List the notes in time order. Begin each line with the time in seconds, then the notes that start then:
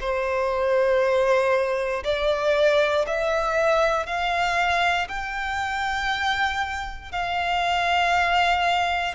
0.00 C5
2.03 D5
3.07 E5
4.06 F5
5.08 G5
7.12 F5